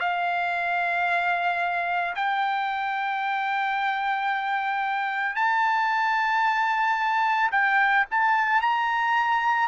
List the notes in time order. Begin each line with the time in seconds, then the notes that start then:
0.00 F5
2.15 G5
5.36 A5
7.51 G5
8.11 A5
8.61 A#5